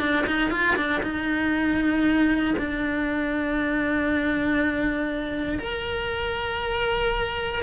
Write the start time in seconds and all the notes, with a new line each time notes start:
0.00 D4
0.27 D#4
0.51 F4
0.76 D4
1.03 D#4
2.58 D4
5.59 A#4